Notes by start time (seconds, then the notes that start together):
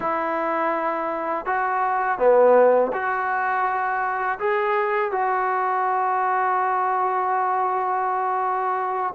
0.00 E4
1.45 F#4
2.18 B3
2.92 F#4
4.39 G#4
5.11 F#4